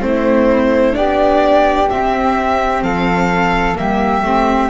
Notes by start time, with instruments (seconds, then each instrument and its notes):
0.00 double bass A3, viola C4, flute E4, violin C5
0.93 double bass B3, viola D4, flute G4, violin D5
1.90 viola C4, double bass C4, violin E5
2.82 double bass F3, flute A4, violin F5
3.75 double bass G3, viola A#3, flute G4, violin E5
4.23 double bass A3, viola C4